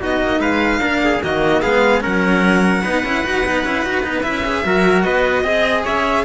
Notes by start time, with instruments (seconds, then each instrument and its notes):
0.00 cello B3 D#4, trumpet F#4, violin D#5
0.22 cello A#3
0.40 cello G#3, trumpet B4, violin F5
0.80 cello A#3 D4, trumpet A#4
1.04 trumpet G#4
1.23 cello D#3 A#3, trumpet F#4, violin D#5
1.62 cello G#3 B3, trumpet G#4, violin F5
2.01 cello F#3 C#4, trumpet A#4, violin F#5
2.83 cello B3 D#4, trumpet B4
3.04 cello C#4 E4
3.25 cello D#4 F#4
3.46 cello B3 D#4
3.64 cello C#4 E4
3.83 cello D#4 F#4
4.03 cello B3 D#4
4.22 cello E4, violin E5
4.28 cello C#4
4.45 cello G#4
4.65 cello F#3 F#4, trumpet A#4
5.03 cello B3, trumpet B4, violin D#5
5.43 cello C4 G#4, trumpet D#5
5.84 cello C#4, trumpet C#5, violin E5